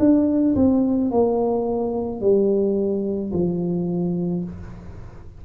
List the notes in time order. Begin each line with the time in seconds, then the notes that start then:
0.00 D4
0.56 C4
1.11 A#3
2.21 G3
3.33 F3